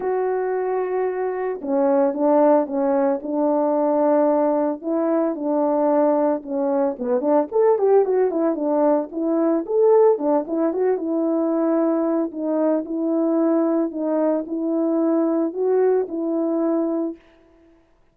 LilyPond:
\new Staff \with { instrumentName = "horn" } { \time 4/4 \tempo 4 = 112 fis'2. cis'4 | d'4 cis'4 d'2~ | d'4 e'4 d'2 | cis'4 b8 d'8 a'8 g'8 fis'8 e'8 |
d'4 e'4 a'4 d'8 e'8 | fis'8 e'2~ e'8 dis'4 | e'2 dis'4 e'4~ | e'4 fis'4 e'2 | }